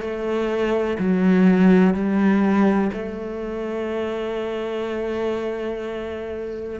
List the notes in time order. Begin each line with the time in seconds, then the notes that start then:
0.00 A3
0.99 F#3
1.94 G3
2.93 A3